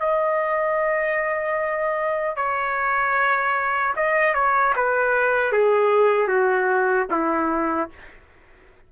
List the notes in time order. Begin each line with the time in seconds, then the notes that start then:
0.00 D#5
2.36 C#5
3.97 D#5
4.35 C#5
4.76 B4
5.53 G#4
6.28 F#4
7.11 E4